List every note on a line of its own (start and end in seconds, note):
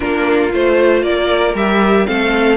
0.00 0.53 A#3
0.00 0.51 D4
0.00 1.03 F4
0.00 0.51 A#4
0.52 1.02 A3
0.52 1.56 F4
0.52 1.03 C5
1.02 1.54 A#3
1.02 2.07 A#4
1.02 1.55 D5
1.54 2.06 G3
1.54 2.06 G4
1.54 2.06 E5
2.06 2.56 A3
2.06 2.56 C4
2.06 2.56 A4
2.06 2.56 F5